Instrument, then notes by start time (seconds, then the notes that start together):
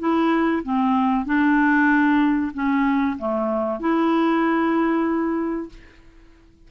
clarinet
0.00 E4
0.64 C4
1.26 D4
2.55 C#4
3.19 A3
3.80 E4